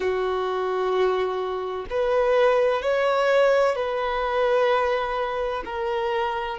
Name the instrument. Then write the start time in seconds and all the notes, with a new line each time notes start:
violin
0.00 F#4
1.90 B4
2.81 C#5
3.75 B4
5.65 A#4